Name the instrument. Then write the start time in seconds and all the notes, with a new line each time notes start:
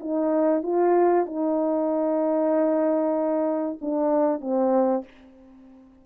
horn
0.00 D#4
0.63 F4
1.26 D#4
3.81 D4
4.40 C4